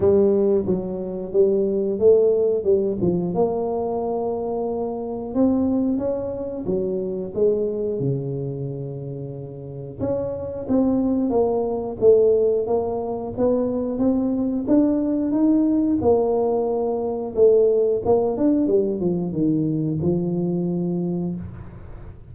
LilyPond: \new Staff \with { instrumentName = "tuba" } { \time 4/4 \tempo 4 = 90 g4 fis4 g4 a4 | g8 f8 ais2. | c'4 cis'4 fis4 gis4 | cis2. cis'4 |
c'4 ais4 a4 ais4 | b4 c'4 d'4 dis'4 | ais2 a4 ais8 d'8 | g8 f8 dis4 f2 | }